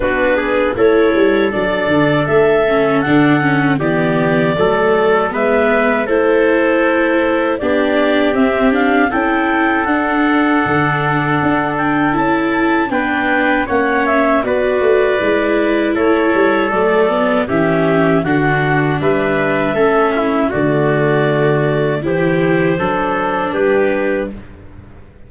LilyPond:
<<
  \new Staff \with { instrumentName = "clarinet" } { \time 4/4 \tempo 4 = 79 b'4 cis''4 d''4 e''4 | fis''4 d''2 e''4 | c''2 d''4 e''8 f''8 | g''4 fis''2~ fis''8 g''8 |
a''4 g''4 fis''8 e''8 d''4~ | d''4 cis''4 d''4 e''4 | fis''4 e''2 d''4~ | d''4 c''2 b'4 | }
  \new Staff \with { instrumentName = "trumpet" } { \time 4/4 fis'8 gis'8 a'2.~ | a'4 g'4 a'4 b'4 | a'2 g'2 | a'1~ |
a'4 b'4 cis''4 b'4~ | b'4 a'2 g'4 | fis'4 b'4 a'8 e'8 fis'4~ | fis'4 g'4 a'4 g'4 | }
  \new Staff \with { instrumentName = "viola" } { \time 4/4 d'4 e'4 d'4. cis'8 | d'8 cis'8 b4 a4 b4 | e'2 d'4 c'8 d'8 | e'4 d'2. |
e'4 d'4 cis'4 fis'4 | e'2 a8 b8 cis'4 | d'2 cis'4 a4~ | a4 e'4 d'2 | }
  \new Staff \with { instrumentName = "tuba" } { \time 4/4 b4 a8 g8 fis8 d8 a4 | d4 e4 fis4 gis4 | a2 b4 c'4 | cis'4 d'4 d4 d'4 |
cis'4 b4 ais4 b8 a8 | gis4 a8 g8 fis4 e4 | d4 g4 a4 d4~ | d4 e4 fis4 g4 | }
>>